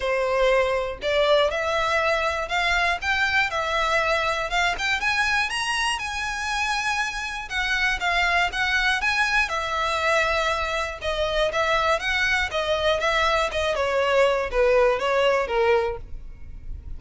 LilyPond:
\new Staff \with { instrumentName = "violin" } { \time 4/4 \tempo 4 = 120 c''2 d''4 e''4~ | e''4 f''4 g''4 e''4~ | e''4 f''8 g''8 gis''4 ais''4 | gis''2. fis''4 |
f''4 fis''4 gis''4 e''4~ | e''2 dis''4 e''4 | fis''4 dis''4 e''4 dis''8 cis''8~ | cis''4 b'4 cis''4 ais'4 | }